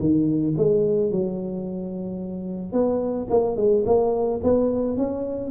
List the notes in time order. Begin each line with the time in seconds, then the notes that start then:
0.00 D#3
0.58 G#3
1.12 F#3
2.73 B3
3.31 A#3
3.57 G#3
3.86 A#3
4.44 B3
4.98 C#4